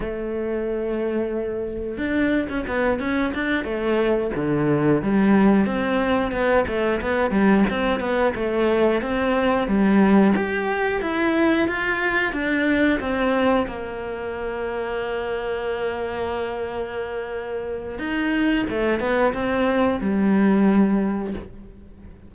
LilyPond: \new Staff \with { instrumentName = "cello" } { \time 4/4 \tempo 4 = 90 a2. d'8. cis'16 | b8 cis'8 d'8 a4 d4 g8~ | g8 c'4 b8 a8 b8 g8 c'8 | b8 a4 c'4 g4 g'8~ |
g'8 e'4 f'4 d'4 c'8~ | c'8 ais2.~ ais8~ | ais2. dis'4 | a8 b8 c'4 g2 | }